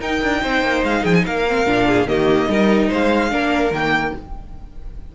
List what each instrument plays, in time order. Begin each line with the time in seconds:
0.00 cello D#4, viola D#4, violin A#4 G5
0.23 cello D4
0.43 cello C4, violin C5
0.62 cello A#3
0.84 cello G#3, violin F5
1.03 cello F3, violin G#4 G5
1.15 violin G#5
1.26 cello A#3, violin A#4 F5
1.49 viola C4
1.67 cello A#2, viola D4
1.87 violin G#4
2.06 cello D#3, viola A#3, violin G4 D#5
2.49 cello G3, viola D#4, violin A#4
2.89 cello G#3, violin C5 F5
3.31 cello A#3, viola D4, violin A#4
3.71 cello D#3, viola A#3, violin G5